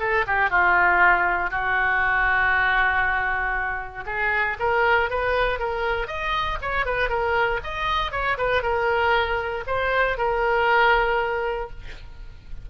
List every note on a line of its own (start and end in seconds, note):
0.00 0.25 A4
0.27 0.50 G4
0.50 1.51 F4
1.51 4.05 F#4
4.07 4.57 G#4
4.60 5.10 A#4
5.10 5.60 B4
5.60 6.08 A#4
6.08 6.58 D#5
6.62 6.86 C#5
6.86 7.10 B4
7.10 7.61 A#4
7.64 8.12 D#5
8.12 8.38 C#5
8.38 8.63 B4
8.63 9.64 A#4
9.67 10.18 C5
10.18 11.71 A#4